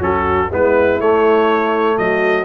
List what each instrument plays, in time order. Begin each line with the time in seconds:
0.00 tuba F#3, trombone C#4, horn F#4, trumpet A4
0.51 tuba G#3, trombone B3, horn E4, trumpet B4
1.00 tuba A3, trombone A3, trumpet C#5
1.98 tuba F#3, horn F#4, trumpet D#5